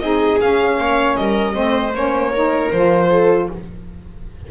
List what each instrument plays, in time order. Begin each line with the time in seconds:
0.00 double bass C4, saxophone D#4, viola G#4, violin D#5
0.40 saxophone C#4, double bass C#4, violin F5
0.78 double bass A#3, viola C#5
1.16 double bass G3, viola A#4, violin D#5
1.54 double bass A3, saxophone C4, viola C5
1.95 double bass A#3, saxophone C#4, violin C#5
2.32 saxophone D#4, viola A#4
2.72 double bass F3, saxophone F4, violin C5
3.10 viola A4